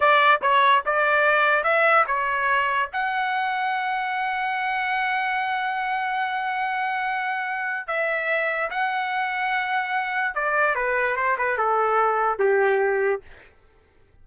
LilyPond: \new Staff \with { instrumentName = "trumpet" } { \time 4/4 \tempo 4 = 145 d''4 cis''4 d''2 | e''4 cis''2 fis''4~ | fis''1~ | fis''1~ |
fis''2. e''4~ | e''4 fis''2.~ | fis''4 d''4 b'4 c''8 b'8 | a'2 g'2 | }